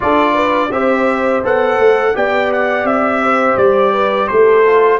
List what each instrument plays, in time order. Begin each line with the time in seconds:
0.00 tuba D4, trombone F4, horn A4, trumpet D5
0.33 horn B4
0.71 tuba C4, trombone G4, horn C5, trumpet E5
1.43 tuba B3, trombone A4, trumpet F#5
1.78 tuba A3
2.14 tuba B3, trombone G4, horn D5, trumpet G5
2.52 trumpet F#5
2.83 tuba C4, trumpet E5
3.22 horn C5
3.57 tuba G3, trumpet D5
3.92 horn B4
4.27 tuba A3, horn A4, trumpet C5
4.65 trombone F4